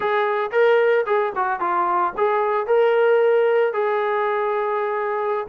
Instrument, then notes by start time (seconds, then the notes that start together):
trombone
0.00 G#4
0.51 A#4
1.06 G#4
1.35 F#4
1.59 F4
2.17 G#4
2.66 A#4
3.73 G#4